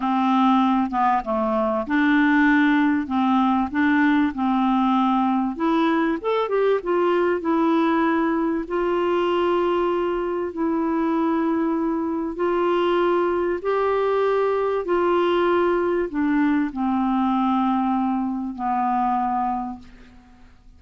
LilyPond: \new Staff \with { instrumentName = "clarinet" } { \time 4/4 \tempo 4 = 97 c'4. b8 a4 d'4~ | d'4 c'4 d'4 c'4~ | c'4 e'4 a'8 g'8 f'4 | e'2 f'2~ |
f'4 e'2. | f'2 g'2 | f'2 d'4 c'4~ | c'2 b2 | }